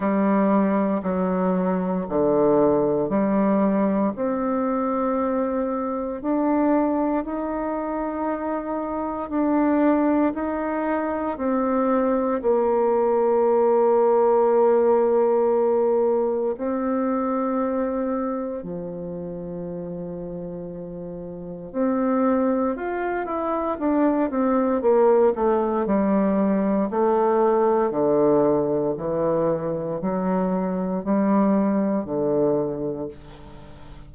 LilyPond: \new Staff \with { instrumentName = "bassoon" } { \time 4/4 \tempo 4 = 58 g4 fis4 d4 g4 | c'2 d'4 dis'4~ | dis'4 d'4 dis'4 c'4 | ais1 |
c'2 f2~ | f4 c'4 f'8 e'8 d'8 c'8 | ais8 a8 g4 a4 d4 | e4 fis4 g4 d4 | }